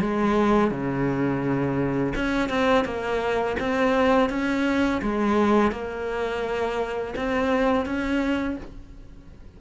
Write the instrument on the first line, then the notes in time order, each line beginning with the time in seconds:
cello
0.00 G#3
0.71 C#3
2.15 C#4
2.49 C4
2.85 A#3
3.59 C4
4.30 C#4
5.02 G#3
5.71 A#3
7.16 C4
7.85 C#4